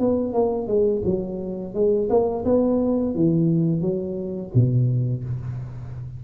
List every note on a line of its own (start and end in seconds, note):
0.00 0.34 B3
0.34 0.68 A#3
0.68 1.02 G#3
1.05 1.74 F#3
1.74 2.09 G#3
2.10 2.45 A#3
2.45 3.15 B3
3.15 3.82 E3
3.82 4.51 F#3
4.54 5.24 B2